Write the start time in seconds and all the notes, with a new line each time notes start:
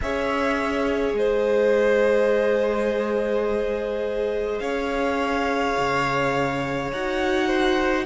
0.01 C#4 G#4 C#5 E5
1.13 G#3 C5 D#5
4.59 C#4 C#5 F5
5.77 C#3
6.92 D#4 F#4 F#5
7.47 C5